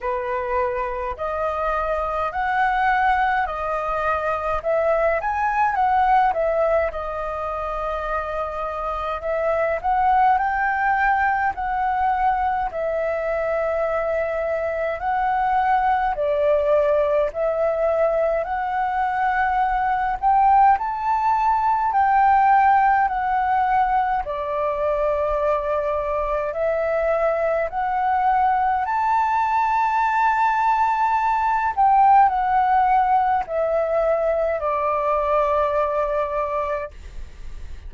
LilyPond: \new Staff \with { instrumentName = "flute" } { \time 4/4 \tempo 4 = 52 b'4 dis''4 fis''4 dis''4 | e''8 gis''8 fis''8 e''8 dis''2 | e''8 fis''8 g''4 fis''4 e''4~ | e''4 fis''4 d''4 e''4 |
fis''4. g''8 a''4 g''4 | fis''4 d''2 e''4 | fis''4 a''2~ a''8 g''8 | fis''4 e''4 d''2 | }